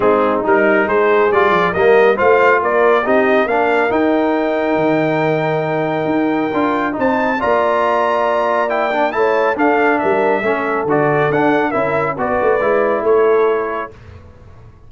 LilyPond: <<
  \new Staff \with { instrumentName = "trumpet" } { \time 4/4 \tempo 4 = 138 gis'4 ais'4 c''4 d''4 | dis''4 f''4 d''4 dis''4 | f''4 g''2.~ | g''1 |
a''4 ais''2. | g''4 a''4 f''4 e''4~ | e''4 d''4 fis''4 e''4 | d''2 cis''2 | }
  \new Staff \with { instrumentName = "horn" } { \time 4/4 dis'2 gis'2 | ais'4 c''4 ais'4 g'4 | ais'1~ | ais'1 |
c''4 d''2.~ | d''4 cis''4 a'4 ais'4 | a'2. ais'4 | b'2 a'2 | }
  \new Staff \with { instrumentName = "trombone" } { \time 4/4 c'4 dis'2 f'4 | ais4 f'2 dis'4 | d'4 dis'2.~ | dis'2. f'4 |
dis'4 f'2. | e'8 d'8 e'4 d'2 | cis'4 fis'4 d'4 e'4 | fis'4 e'2. | }
  \new Staff \with { instrumentName = "tuba" } { \time 4/4 gis4 g4 gis4 g8 f8 | g4 a4 ais4 c'4 | ais4 dis'2 dis4~ | dis2 dis'4 d'4 |
c'4 ais2.~ | ais4 a4 d'4 g4 | a4 d4 d'4 cis'4 | b8 a8 gis4 a2 | }
>>